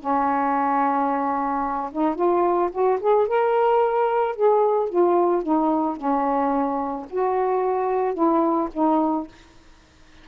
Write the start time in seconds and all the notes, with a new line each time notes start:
0.00 C#4
1.93 D#4
2.16 F4
2.72 F#4
3.01 G#4
3.28 A#4
4.36 G#4
4.90 F4
5.43 D#4
5.97 C#4
7.10 F#4
8.14 E4
8.74 D#4